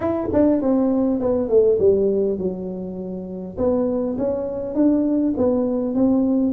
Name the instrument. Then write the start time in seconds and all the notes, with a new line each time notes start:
tuba
0.00 E4
0.33 D4
0.61 C4
1.19 B3
1.49 A3
1.79 G3
2.38 F#3
3.57 B3
4.17 C#4
4.74 D4
5.37 B3
5.95 C4